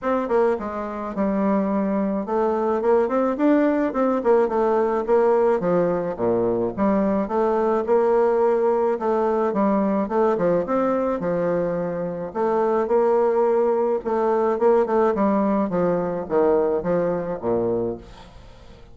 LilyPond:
\new Staff \with { instrumentName = "bassoon" } { \time 4/4 \tempo 4 = 107 c'8 ais8 gis4 g2 | a4 ais8 c'8 d'4 c'8 ais8 | a4 ais4 f4 ais,4 | g4 a4 ais2 |
a4 g4 a8 f8 c'4 | f2 a4 ais4~ | ais4 a4 ais8 a8 g4 | f4 dis4 f4 ais,4 | }